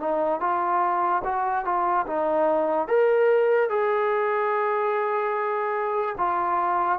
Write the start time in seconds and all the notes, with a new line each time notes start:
0.00 D#4
0.41 F4
1.24 F#4
1.65 F4
2.07 D#4
2.88 A#4
3.70 G#4
6.18 F4